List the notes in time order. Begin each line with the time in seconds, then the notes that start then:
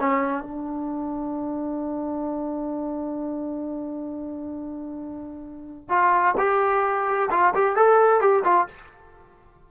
0.00 C#4
0.43 D4
5.90 F4
6.38 G4
7.31 F4
7.55 G4
7.76 A4
8.21 G4
8.45 F4